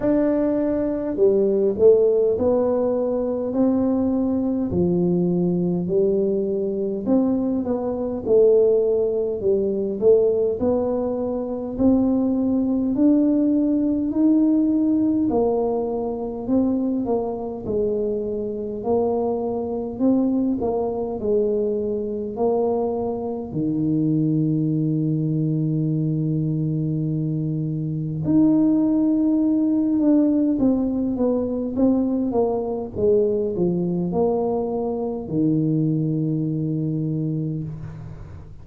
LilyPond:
\new Staff \with { instrumentName = "tuba" } { \time 4/4 \tempo 4 = 51 d'4 g8 a8 b4 c'4 | f4 g4 c'8 b8 a4 | g8 a8 b4 c'4 d'4 | dis'4 ais4 c'8 ais8 gis4 |
ais4 c'8 ais8 gis4 ais4 | dis1 | dis'4. d'8 c'8 b8 c'8 ais8 | gis8 f8 ais4 dis2 | }